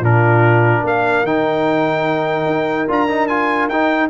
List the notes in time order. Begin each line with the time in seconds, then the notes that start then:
0.00 A#2 D4 F4 A#4
0.84 A#3 A#4 F5
1.23 D#3 D#4 G5
2.46 D#4
2.88 D4 F4 A#5
3.09 D#4
3.28 F4 G#5
3.68 D#4 G5